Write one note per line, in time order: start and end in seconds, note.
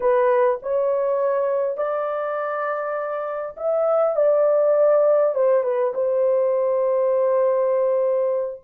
0.00 0.59 B4
0.62 1.77 C#5
1.77 3.55 D5
3.56 4.16 E5
4.16 5.34 D5
5.35 5.63 C5
5.63 5.93 B4
5.94 8.61 C5